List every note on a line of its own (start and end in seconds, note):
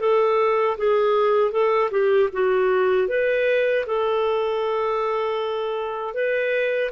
0.00 0.77 A4
0.78 1.52 G#4
1.52 1.90 A4
1.91 2.29 G4
2.33 3.08 F#4
3.08 3.85 B4
3.87 6.14 A4
6.14 6.91 B4